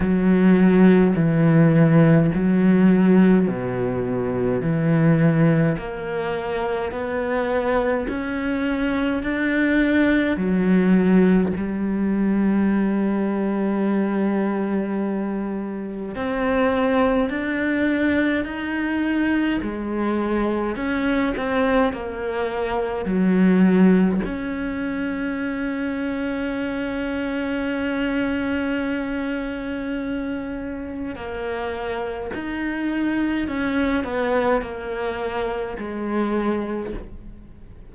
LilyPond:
\new Staff \with { instrumentName = "cello" } { \time 4/4 \tempo 4 = 52 fis4 e4 fis4 b,4 | e4 ais4 b4 cis'4 | d'4 fis4 g2~ | g2 c'4 d'4 |
dis'4 gis4 cis'8 c'8 ais4 | fis4 cis'2.~ | cis'2. ais4 | dis'4 cis'8 b8 ais4 gis4 | }